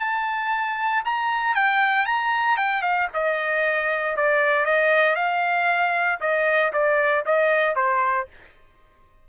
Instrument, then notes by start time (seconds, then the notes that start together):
trumpet
0.00 A5
1.05 A#5
1.55 G5
2.06 A#5
2.58 G5
2.82 F5
3.14 D#5
4.17 D5
4.66 D#5
5.16 F5
6.21 D#5
6.73 D5
7.26 D#5
7.76 C5